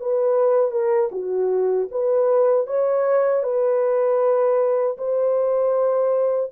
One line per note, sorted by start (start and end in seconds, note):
0.00 0.71 B4
0.71 1.10 A#4
1.12 1.89 F#4
1.91 2.67 B4
2.67 3.43 C#5
3.43 4.97 B4
4.98 6.51 C5